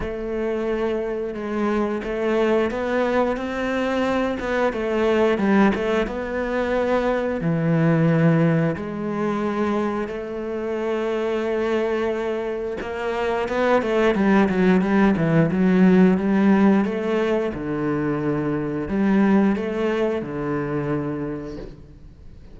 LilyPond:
\new Staff \with { instrumentName = "cello" } { \time 4/4 \tempo 4 = 89 a2 gis4 a4 | b4 c'4. b8 a4 | g8 a8 b2 e4~ | e4 gis2 a4~ |
a2. ais4 | b8 a8 g8 fis8 g8 e8 fis4 | g4 a4 d2 | g4 a4 d2 | }